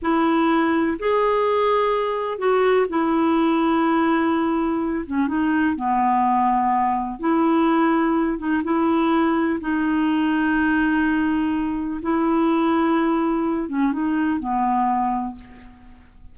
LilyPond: \new Staff \with { instrumentName = "clarinet" } { \time 4/4 \tempo 4 = 125 e'2 gis'2~ | gis'4 fis'4 e'2~ | e'2~ e'8 cis'8 dis'4 | b2. e'4~ |
e'4. dis'8 e'2 | dis'1~ | dis'4 e'2.~ | e'8 cis'8 dis'4 b2 | }